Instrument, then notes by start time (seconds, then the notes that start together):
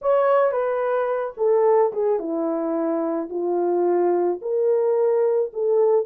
horn
0.01 C#5
0.51 B4
1.37 A4
1.93 G#4
2.19 E4
3.29 F4
4.41 A#4
5.53 A4